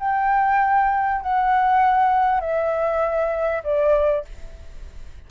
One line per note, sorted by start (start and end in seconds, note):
0.00 1.22 G5
1.22 2.41 F#5
2.41 3.63 E5
3.64 4.25 D5